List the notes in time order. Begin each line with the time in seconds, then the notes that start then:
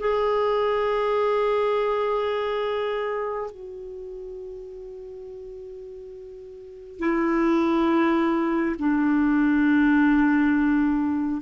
0.00 G#4
3.51 F#4
6.99 E4
8.79 D4